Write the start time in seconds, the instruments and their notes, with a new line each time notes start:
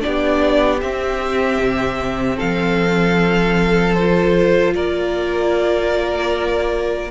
0.00 cello B3, viola D4, violin G4 D5
0.81 viola C4, cello C4, violin E5
1.58 cello C3
2.36 cello F3, violin A4 F5
3.94 viola F4, violin C5
4.74 cello A#3, violin A#4 D5